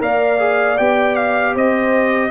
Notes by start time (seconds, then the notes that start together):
0.00 A#3 A#4 D5 F5
0.39 G#4
0.78 B3 G4 G5
1.16 F5
1.54 C4 C5 D#5